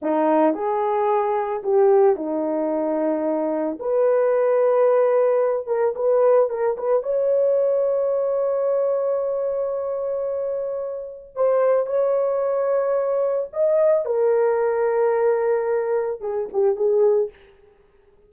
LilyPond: \new Staff \with { instrumentName = "horn" } { \time 4/4 \tempo 4 = 111 dis'4 gis'2 g'4 | dis'2. b'4~ | b'2~ b'8 ais'8 b'4 | ais'8 b'8 cis''2.~ |
cis''1~ | cis''4 c''4 cis''2~ | cis''4 dis''4 ais'2~ | ais'2 gis'8 g'8 gis'4 | }